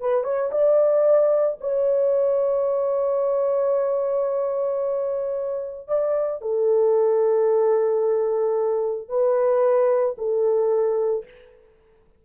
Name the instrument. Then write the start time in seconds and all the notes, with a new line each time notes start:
horn
0.00 B4
0.24 C#5
0.51 D5
1.60 C#5
5.88 D5
6.41 A4
9.09 B4
10.18 A4